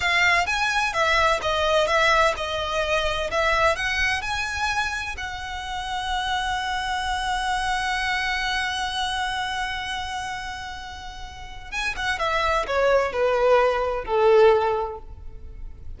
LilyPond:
\new Staff \with { instrumentName = "violin" } { \time 4/4 \tempo 4 = 128 f''4 gis''4 e''4 dis''4 | e''4 dis''2 e''4 | fis''4 gis''2 fis''4~ | fis''1~ |
fis''1~ | fis''1~ | fis''4 gis''8 fis''8 e''4 cis''4 | b'2 a'2 | }